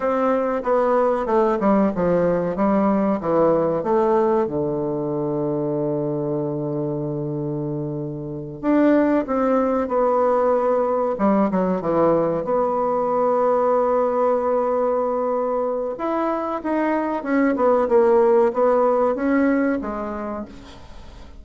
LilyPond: \new Staff \with { instrumentName = "bassoon" } { \time 4/4 \tempo 4 = 94 c'4 b4 a8 g8 f4 | g4 e4 a4 d4~ | d1~ | d4. d'4 c'4 b8~ |
b4. g8 fis8 e4 b8~ | b1~ | b4 e'4 dis'4 cis'8 b8 | ais4 b4 cis'4 gis4 | }